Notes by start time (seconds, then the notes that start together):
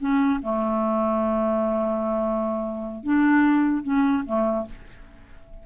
0.00 C#4
0.42 A3
3.04 D4
3.83 C#4
4.26 A3